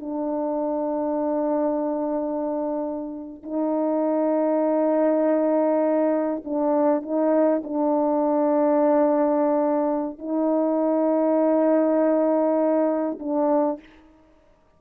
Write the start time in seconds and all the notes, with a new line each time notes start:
0.00 D4
3.43 D#4
6.45 D4
7.02 D#4
7.64 D4
10.19 D#4
13.19 D4